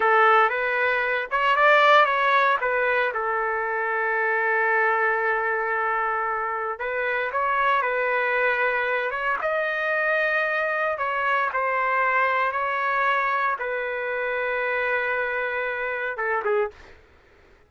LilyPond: \new Staff \with { instrumentName = "trumpet" } { \time 4/4 \tempo 4 = 115 a'4 b'4. cis''8 d''4 | cis''4 b'4 a'2~ | a'1~ | a'4 b'4 cis''4 b'4~ |
b'4. cis''8 dis''2~ | dis''4 cis''4 c''2 | cis''2 b'2~ | b'2. a'8 gis'8 | }